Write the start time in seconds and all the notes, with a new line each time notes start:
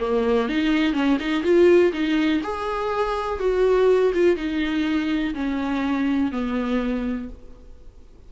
0.00 A#3
0.49 D#4
0.93 C#4
1.20 D#4
1.43 F4
1.93 D#4
2.43 G#4
3.39 F#4
4.14 F4
4.36 D#4
5.34 C#4
6.31 B3